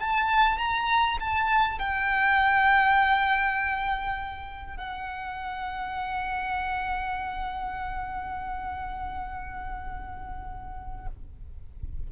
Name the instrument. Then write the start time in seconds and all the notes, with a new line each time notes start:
violin
0.00 A5
0.58 A#5
1.20 A5
1.79 G5
4.77 F#5